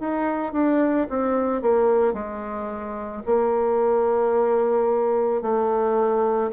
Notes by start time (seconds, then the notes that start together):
0.00 D#4
0.53 D4
1.10 C4
1.62 A#3
2.14 G#3
3.26 A#3
5.42 A3